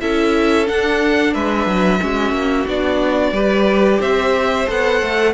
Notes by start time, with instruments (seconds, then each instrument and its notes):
0.00 cello C#4, viola E4, violin A4 E5
0.66 viola D4, cello D4, violin F#5
1.34 cello G#3, violin B4 E5
1.66 cello F#3
2.00 cello G#3, viola C#4, violin F#4
2.32 cello A#3
2.68 cello B3, viola D4, violin D5
3.32 cello G3, viola G4, violin B4
4.00 cello C4, violin C5 E5
4.67 cello B3, viola A4, violin F#5
5.01 cello A3